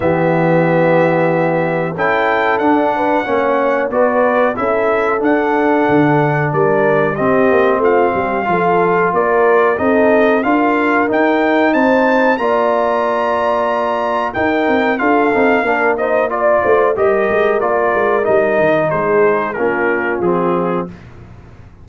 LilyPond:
<<
  \new Staff \with { instrumentName = "trumpet" } { \time 4/4 \tempo 4 = 92 e''2. g''4 | fis''2 d''4 e''4 | fis''2 d''4 dis''4 | f''2 d''4 dis''4 |
f''4 g''4 a''4 ais''4~ | ais''2 g''4 f''4~ | f''8 dis''8 d''4 dis''4 d''4 | dis''4 c''4 ais'4 gis'4 | }
  \new Staff \with { instrumentName = "horn" } { \time 4/4 g'2. a'4~ | a'8 b'8 cis''4 b'4 a'4~ | a'2 ais'4 g'4 | f'8 g'8 a'4 ais'4 a'4 |
ais'2 c''4 d''4~ | d''2 ais'4 a'4 | ais'8 c''8 d''8 c''8 ais'2~ | ais'4 gis'4 f'2 | }
  \new Staff \with { instrumentName = "trombone" } { \time 4/4 b2. e'4 | d'4 cis'4 fis'4 e'4 | d'2. c'4~ | c'4 f'2 dis'4 |
f'4 dis'2 f'4~ | f'2 dis'4 f'8 dis'8 | d'8 dis'8 f'4 g'4 f'4 | dis'2 cis'4 c'4 | }
  \new Staff \with { instrumentName = "tuba" } { \time 4/4 e2. cis'4 | d'4 ais4 b4 cis'4 | d'4 d4 g4 c'8 ais8 | a8 g8 f4 ais4 c'4 |
d'4 dis'4 c'4 ais4~ | ais2 dis'8 c'8 d'8 c'8 | ais4. a8 g8 gis8 ais8 gis8 | g8 dis8 gis4 ais4 f4 | }
>>